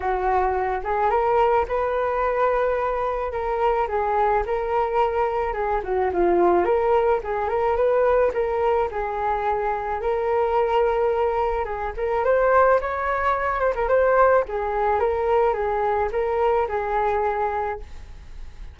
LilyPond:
\new Staff \with { instrumentName = "flute" } { \time 4/4 \tempo 4 = 108 fis'4. gis'8 ais'4 b'4~ | b'2 ais'4 gis'4 | ais'2 gis'8 fis'8 f'4 | ais'4 gis'8 ais'8 b'4 ais'4 |
gis'2 ais'2~ | ais'4 gis'8 ais'8 c''4 cis''4~ | cis''8 c''16 ais'16 c''4 gis'4 ais'4 | gis'4 ais'4 gis'2 | }